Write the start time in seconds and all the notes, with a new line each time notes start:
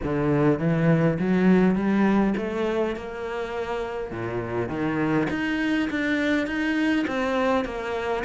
0.03 D3
0.59 E3
1.19 F#3
1.75 G3
2.37 A3
2.95 A#3
4.11 A#2
4.68 D#3
5.30 D#4
5.90 D4
6.47 D#4
7.07 C4
7.64 A#3